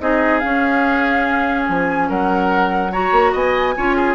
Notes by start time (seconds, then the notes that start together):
0.00 C4 D#4 G#4 D#5
0.39 C#4 F5
1.67 F3 G#5
2.09 F#3 A#4 F#5
2.92 F#4 C#5 A#5
3.12 A#3
3.32 B3 D#5 G#5
3.77 C#4 F4 C#5
3.96 G#4